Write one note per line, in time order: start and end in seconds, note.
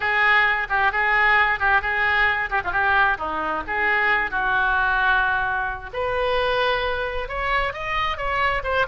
0.00 0.67 G#4
0.69 0.92 G4
0.92 1.59 G#4
1.59 1.81 G4
1.81 2.49 G#4
2.50 2.61 G4
2.64 2.71 F4
2.71 3.17 G4
3.17 3.63 D#4
3.67 4.31 G#4
4.31 5.90 F#4
5.93 7.28 B4
7.28 7.73 C#5
7.73 8.17 D#5
8.17 8.62 C#5
8.63 8.86 C5